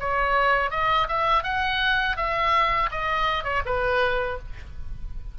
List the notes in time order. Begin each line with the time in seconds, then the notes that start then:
0.00 C#5
0.71 D#5
1.08 E5
1.43 F#5
2.17 E5
2.91 D#5
3.44 C#5
3.66 B4